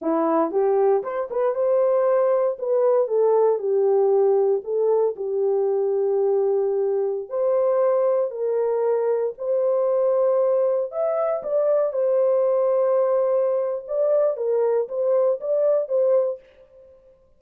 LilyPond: \new Staff \with { instrumentName = "horn" } { \time 4/4 \tempo 4 = 117 e'4 g'4 c''8 b'8 c''4~ | c''4 b'4 a'4 g'4~ | g'4 a'4 g'2~ | g'2~ g'16 c''4.~ c''16~ |
c''16 ais'2 c''4.~ c''16~ | c''4~ c''16 e''4 d''4 c''8.~ | c''2. d''4 | ais'4 c''4 d''4 c''4 | }